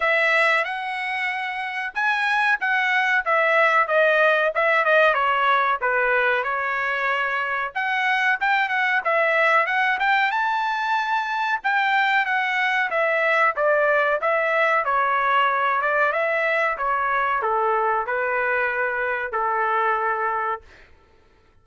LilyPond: \new Staff \with { instrumentName = "trumpet" } { \time 4/4 \tempo 4 = 93 e''4 fis''2 gis''4 | fis''4 e''4 dis''4 e''8 dis''8 | cis''4 b'4 cis''2 | fis''4 g''8 fis''8 e''4 fis''8 g''8 |
a''2 g''4 fis''4 | e''4 d''4 e''4 cis''4~ | cis''8 d''8 e''4 cis''4 a'4 | b'2 a'2 | }